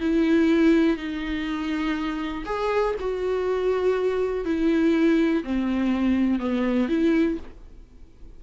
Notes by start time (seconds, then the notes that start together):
0.00 E4
0.97 D#4
2.45 G#4
3.00 F#4
4.45 E4
5.43 C4
6.39 B3
6.88 E4